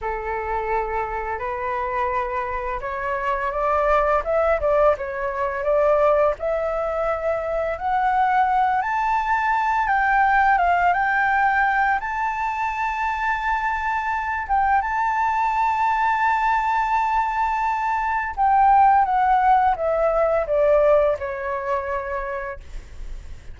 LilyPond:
\new Staff \with { instrumentName = "flute" } { \time 4/4 \tempo 4 = 85 a'2 b'2 | cis''4 d''4 e''8 d''8 cis''4 | d''4 e''2 fis''4~ | fis''8 a''4. g''4 f''8 g''8~ |
g''4 a''2.~ | a''8 g''8 a''2.~ | a''2 g''4 fis''4 | e''4 d''4 cis''2 | }